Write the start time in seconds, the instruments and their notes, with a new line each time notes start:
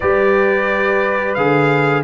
0.00 tuba G3, trombone G4, horn B4, trumpet D5
1.34 tuba D3, trombone G#4, trumpet F5